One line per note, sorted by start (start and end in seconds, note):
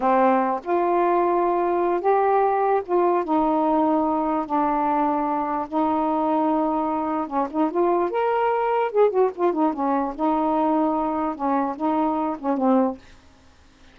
0.00 0.61 C4
0.63 2.00 F4
2.00 2.81 G4
2.85 3.24 F4
3.24 4.45 D#4
4.46 5.67 D4
5.68 7.27 D#4
7.27 7.47 C#4
7.50 7.70 D#4
7.70 8.10 F4
8.10 8.91 A#4
8.91 9.10 G#4
9.10 9.30 F#4
9.35 9.53 F4
9.53 9.73 D#4
9.73 10.14 C#4
10.15 11.35 D#4
11.35 11.75 C#4
11.76 12.36 D#4
12.39 12.57 C#4
12.57 12.97 C4